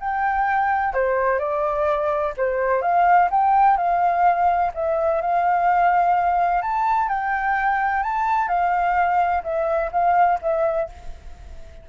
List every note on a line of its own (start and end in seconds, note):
0.00 0.94 G5
0.94 1.39 C5
1.39 2.34 D5
2.37 2.82 C5
2.82 3.29 F5
3.31 3.78 G5
3.78 4.72 F5
4.75 5.22 E5
5.22 6.62 F5
6.62 7.09 A5
7.09 8.03 G5
8.03 8.48 A5
8.48 9.43 F5
9.44 9.91 E5
9.92 10.39 F5
10.42 10.89 E5